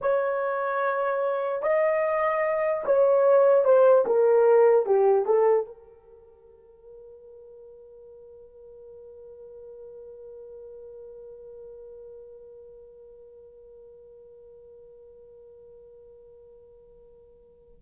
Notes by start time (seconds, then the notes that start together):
0.01 C#5
1.62 D#5
2.85 C#5
3.64 C5
4.06 A#4
4.86 G4
5.25 A4
5.65 A#4